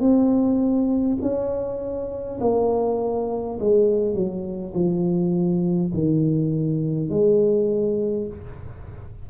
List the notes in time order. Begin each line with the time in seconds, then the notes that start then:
0.00 C4
1.22 C#4
2.41 A#3
3.60 G#3
4.14 F#3
4.74 F3
5.94 D#3
7.10 G#3